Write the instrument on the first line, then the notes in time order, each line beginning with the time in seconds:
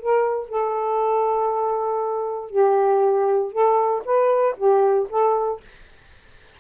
saxophone
0.00 A#4
0.49 A4
2.51 G4
3.52 A4
4.05 B4
4.57 G4
5.09 A4